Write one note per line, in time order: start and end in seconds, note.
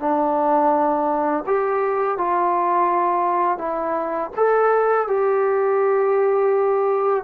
0.00 1.45 D4
1.47 2.18 G4
2.18 3.58 F4
3.58 4.31 E4
4.37 5.08 A4
5.08 7.24 G4